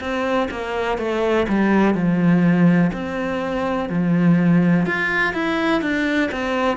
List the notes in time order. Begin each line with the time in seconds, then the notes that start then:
0.00 C4
0.51 A#3
0.98 A3
1.48 G3
1.94 F3
2.93 C4
3.89 F3
4.86 F4
5.34 E4
5.82 D4
6.31 C4